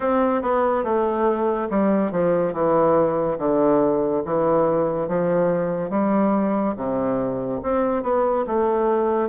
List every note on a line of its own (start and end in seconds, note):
0.00 0.42 C4
0.42 0.84 B3
0.84 1.68 A3
1.70 2.11 G3
2.11 2.53 F3
2.53 3.37 E3
3.38 4.23 D3
4.25 5.07 E3
5.07 5.90 F3
5.90 6.74 G3
6.76 7.61 C3
7.62 8.02 C4
8.02 8.45 B3
8.46 9.29 A3